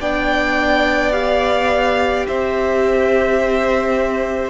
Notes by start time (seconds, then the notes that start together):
0.00 B3 D4 D5 G5
1.12 G4 F5
2.27 C4 C5 E5